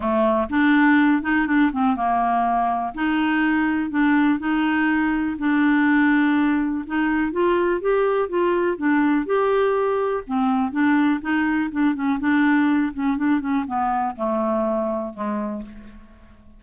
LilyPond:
\new Staff \with { instrumentName = "clarinet" } { \time 4/4 \tempo 4 = 123 a4 d'4. dis'8 d'8 c'8 | ais2 dis'2 | d'4 dis'2 d'4~ | d'2 dis'4 f'4 |
g'4 f'4 d'4 g'4~ | g'4 c'4 d'4 dis'4 | d'8 cis'8 d'4. cis'8 d'8 cis'8 | b4 a2 gis4 | }